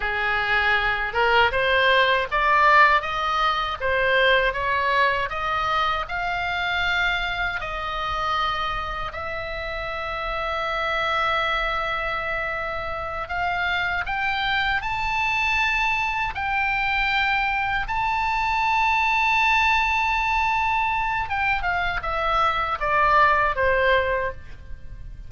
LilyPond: \new Staff \with { instrumentName = "oboe" } { \time 4/4 \tempo 4 = 79 gis'4. ais'8 c''4 d''4 | dis''4 c''4 cis''4 dis''4 | f''2 dis''2 | e''1~ |
e''4. f''4 g''4 a''8~ | a''4. g''2 a''8~ | a''1 | g''8 f''8 e''4 d''4 c''4 | }